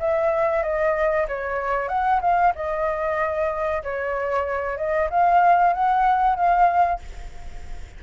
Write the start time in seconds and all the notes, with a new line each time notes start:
0.00 E5
0.63 D#5
1.28 C#5
1.89 F#5
2.22 F5
2.55 D#5
3.84 C#5
4.77 D#5
5.10 F5
5.74 F#5
6.36 F5